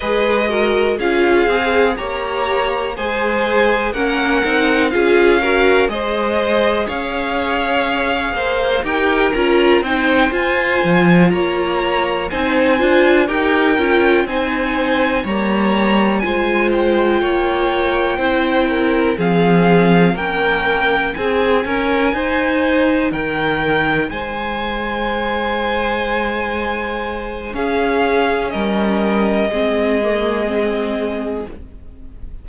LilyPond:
<<
  \new Staff \with { instrumentName = "violin" } { \time 4/4 \tempo 4 = 61 dis''4 f''4 ais''4 gis''4 | fis''4 f''4 dis''4 f''4~ | f''4 g''8 ais''8 g''8 gis''4 ais''8~ | ais''8 gis''4 g''4 gis''4 ais''8~ |
ais''8 gis''8 g''2~ g''8 f''8~ | f''8 g''4 gis''2 g''8~ | g''8 gis''2.~ gis''8 | f''4 dis''2. | }
  \new Staff \with { instrumentName = "violin" } { \time 4/4 b'8 ais'8 gis'4 cis''4 c''4 | ais'4 gis'8 ais'8 c''4 cis''4~ | cis''8 c''8 ais'4 c''4. cis''8~ | cis''8 c''4 ais'4 c''4 cis''8~ |
cis''8 c''4 cis''4 c''8 ais'8 gis'8~ | gis'8 ais'4 gis'8 ais'8 c''4 ais'8~ | ais'8 c''2.~ c''8 | gis'4 ais'4 gis'2 | }
  \new Staff \with { instrumentName = "viola" } { \time 4/4 gis'8 fis'8 f'8 gis'8 g'4 gis'4 | cis'8 dis'8 f'8 fis'8 gis'2~ | gis'4 g'8 f'8 dis'8 f'4.~ | f'8 dis'8 f'8 g'8 f'8 dis'4 ais8~ |
ais8 f'2 e'4 c'8~ | c'8 cis'4 dis'2~ dis'8~ | dis'1 | cis'2 c'8 ais8 c'4 | }
  \new Staff \with { instrumentName = "cello" } { \time 4/4 gis4 cis'8 c'8 ais4 gis4 | ais8 c'8 cis'4 gis4 cis'4~ | cis'8 ais8 dis'8 cis'8 c'8 f'8 f8 ais8~ | ais8 c'8 d'8 dis'8 cis'8 c'4 g8~ |
g8 gis4 ais4 c'4 f8~ | f8 ais4 c'8 cis'8 dis'4 dis8~ | dis8 gis2.~ gis8 | cis'4 g4 gis2 | }
>>